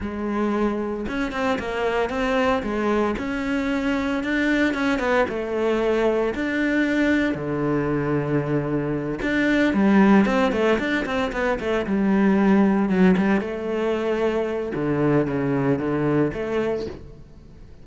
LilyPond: \new Staff \with { instrumentName = "cello" } { \time 4/4 \tempo 4 = 114 gis2 cis'8 c'8 ais4 | c'4 gis4 cis'2 | d'4 cis'8 b8 a2 | d'2 d2~ |
d4. d'4 g4 c'8 | a8 d'8 c'8 b8 a8 g4.~ | g8 fis8 g8 a2~ a8 | d4 cis4 d4 a4 | }